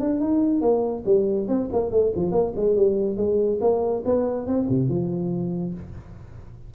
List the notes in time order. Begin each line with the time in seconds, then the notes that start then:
0.00 D4
0.20 D#4
0.62 A#3
1.06 G3
1.48 C4
1.72 A#3
1.91 A3
2.16 F3
2.32 A#3
2.56 G#3
2.76 G3
3.17 G#3
3.61 A#3
4.05 B3
4.47 C4
4.69 C3
4.89 F3